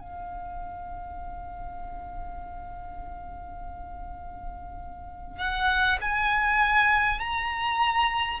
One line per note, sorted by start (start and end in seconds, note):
0.00 5.37 F5
5.37 5.97 F#5
6.01 7.19 G#5
7.19 8.39 A#5